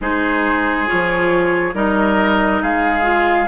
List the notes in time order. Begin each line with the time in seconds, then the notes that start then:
0.00 G#3 D#4 G#4 C5
0.86 F3 F4 C#5
1.74 G3 D#4 A#4 D#5
2.62 G#3 G#4 F5
3.02 F4